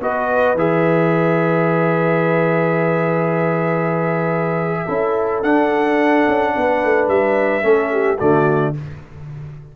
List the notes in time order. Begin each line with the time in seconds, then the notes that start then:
0.00 B3 F#4 B4 D#5
0.54 E3 G#4 E5
4.85 C#4 E4 A4
5.43 D4 F#5
6.27 C#4
6.55 B3 B4
6.84 A3
7.08 G3 E5
7.62 A3 C#4 A4
7.92 G4
8.18 D3 A3 F#4 D5